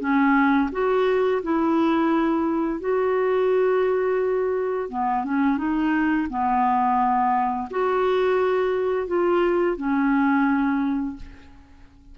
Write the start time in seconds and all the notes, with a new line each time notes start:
0.00 C#4
0.72 F#4
1.43 E4
2.80 F#4
4.89 B3
5.25 C#4
5.58 D#4
6.29 B3
7.71 F#4
9.07 F4
9.77 C#4